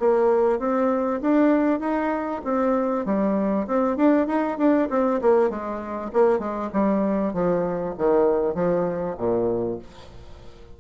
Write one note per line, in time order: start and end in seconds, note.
0.00 0.60 A#3
0.60 1.21 C4
1.22 1.80 D4
1.80 2.42 D#4
2.45 3.06 C4
3.06 3.67 G3
3.67 3.97 C4
3.97 4.28 D4
4.28 4.58 D#4
4.58 4.89 D4
4.90 5.21 C4
5.22 5.50 A#3
5.50 6.12 G#3
6.13 6.40 A#3
6.40 6.70 G#3
6.73 7.34 G3
7.34 7.95 F3
7.98 8.55 D#3
8.55 9.16 F3
9.18 9.79 A#2